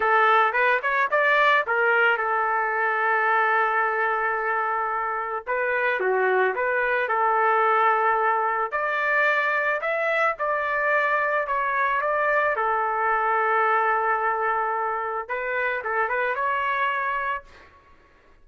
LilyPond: \new Staff \with { instrumentName = "trumpet" } { \time 4/4 \tempo 4 = 110 a'4 b'8 cis''8 d''4 ais'4 | a'1~ | a'2 b'4 fis'4 | b'4 a'2. |
d''2 e''4 d''4~ | d''4 cis''4 d''4 a'4~ | a'1 | b'4 a'8 b'8 cis''2 | }